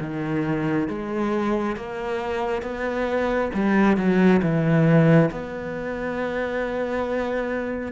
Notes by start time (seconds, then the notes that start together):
0.00 D#3
0.88 G#3
1.76 A#3
2.62 B3
3.54 G3
3.97 F#3
4.42 E3
5.31 B3